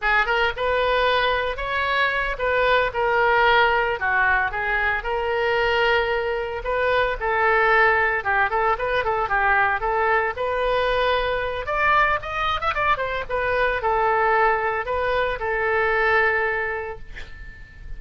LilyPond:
\new Staff \with { instrumentName = "oboe" } { \time 4/4 \tempo 4 = 113 gis'8 ais'8 b'2 cis''4~ | cis''8 b'4 ais'2 fis'8~ | fis'8 gis'4 ais'2~ ais'8~ | ais'8 b'4 a'2 g'8 |
a'8 b'8 a'8 g'4 a'4 b'8~ | b'2 d''4 dis''8. e''16 | d''8 c''8 b'4 a'2 | b'4 a'2. | }